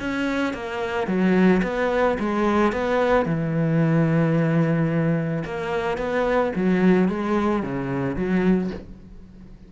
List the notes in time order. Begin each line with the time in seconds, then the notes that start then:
0.00 C#4
0.54 A#3
1.07 F#3
1.63 B3
2.19 G#3
2.72 B3
3.26 E3
5.45 A#3
5.98 B3
6.56 F#3
7.09 G#3
7.63 C#3
8.16 F#3